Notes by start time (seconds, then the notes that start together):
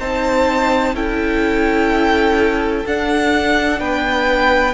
0.00 C4 D#4 C5 A5
0.94 C#4 E4 A4 G5
2.86 D4 F#5
3.80 B3 B4 G5